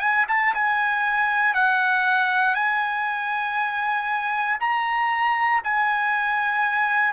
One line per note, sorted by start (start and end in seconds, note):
0.00 0.25 G#5
0.28 0.54 A5
0.54 1.54 G#5
1.54 2.55 F#5
2.55 4.58 G#5
4.60 5.62 A#5
5.64 7.13 G#5